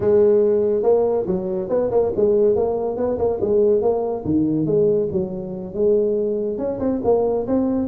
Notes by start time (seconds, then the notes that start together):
0.00 G#3
0.83 A#3
1.26 F#3
1.69 B3
1.91 A#3
2.15 G#3
2.55 A#3
2.96 B3
3.18 A#3
3.40 G#3
3.81 A#3
4.24 D#3
4.66 G#3
5.12 F#3
5.73 G#3
6.58 C#4
6.79 C4
7.03 A#3
7.46 C4